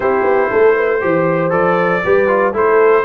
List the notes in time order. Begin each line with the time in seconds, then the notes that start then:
0.00 C4 E4 G4 C5
0.23 B3
0.50 A3 A4
0.76 B4
1.00 E3 G4 C5
1.50 F3 A4 D5
2.03 G3 G4 B4
2.27 F4
2.53 A3 E4 A4 C5